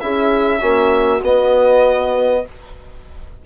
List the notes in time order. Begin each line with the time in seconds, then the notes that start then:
0.00 C#4 E4 G#4 E5
0.59 A#3 C#4 F#4
1.22 B3 D#5